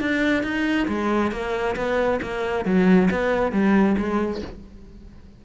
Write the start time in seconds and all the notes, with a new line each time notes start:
0.00 D4
0.43 D#4
0.88 G#3
1.31 A#3
1.76 B3
2.22 A#3
2.65 F#3
3.11 B3
3.52 G3
3.97 G#3